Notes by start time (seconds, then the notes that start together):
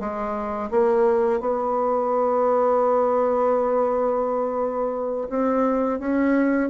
0.00 G#3
0.71 A#3
1.41 B3
5.30 C4
6.00 C#4